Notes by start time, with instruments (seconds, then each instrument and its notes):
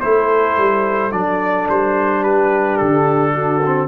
0.00 tuba A3, trombone E4, horn A4, trumpet C5
0.57 tuba G3
1.11 tuba F#3, trombone D4, trumpet D5
1.68 tuba G3, trumpet C5
2.21 horn G4, trumpet B4
2.77 tuba D3, trumpet A4
3.33 horn F#4
3.65 trombone C4